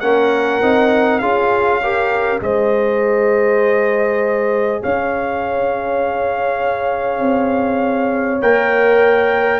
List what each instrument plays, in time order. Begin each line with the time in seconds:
0.00 tuba A#3, trombone C#4, horn A#4, trumpet F#5
0.61 tuba C4, trombone D#4
1.19 tuba C#4, trombone F4, horn G#4, trumpet F5
1.83 trombone G4, horn A#4
2.40 tuba G#3, trombone G#4, horn C5, trumpet D#5
4.83 tuba C#4, horn C#5, trumpet F5
7.21 tuba C4
8.42 tuba A#3, trombone A#4, trumpet G5